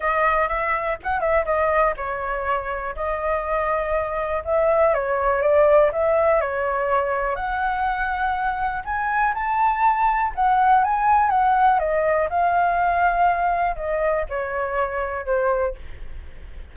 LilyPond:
\new Staff \with { instrumentName = "flute" } { \time 4/4 \tempo 4 = 122 dis''4 e''4 fis''8 e''8 dis''4 | cis''2 dis''2~ | dis''4 e''4 cis''4 d''4 | e''4 cis''2 fis''4~ |
fis''2 gis''4 a''4~ | a''4 fis''4 gis''4 fis''4 | dis''4 f''2. | dis''4 cis''2 c''4 | }